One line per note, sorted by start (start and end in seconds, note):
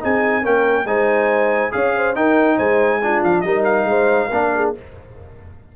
0.00 0.45 C4
0.00 0.43 D#4
0.00 0.41 G#4
0.00 0.45 G#5
0.41 0.84 A#3
0.41 0.86 C#4
0.41 0.84 A#4
0.41 0.86 G5
0.84 1.70 G#3
0.84 1.71 D#4
0.84 1.73 C5
0.84 1.72 G#5
1.71 2.15 C#4
1.71 2.14 G#4
1.71 1.96 C#5
1.71 2.15 F5
1.96 2.17 C5
2.15 2.58 D#4
2.15 3.01 D#4
2.15 2.57 A#4
2.15 2.58 G5
2.57 3.23 G#3
2.57 3.00 C5
2.57 3.22 G#5
3.02 3.45 D4
3.02 3.46 F4
3.24 3.44 F3
3.24 3.41 F5
3.41 3.84 G3
3.41 4.31 D#4
3.41 3.88 A#4
3.41 3.62 D#5
3.64 4.71 F5
3.84 4.27 G#3
3.84 4.28 C5
4.28 4.74 A#3
4.28 4.75 D4
4.28 4.49 A#4
4.55 4.76 G#4